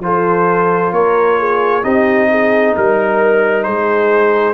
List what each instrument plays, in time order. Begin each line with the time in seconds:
0.00 tuba F3, trombone F4, horn A4, trumpet C5
0.91 tuba A#3, horn A#4, trumpet C#5
1.38 horn G#4
1.82 tuba C4, trombone D#4, horn G4, trumpet D#5
2.30 horn G#4
2.75 tuba G3, horn A#4, trumpet A#4
3.63 tuba G#3, horn G#4, trumpet C5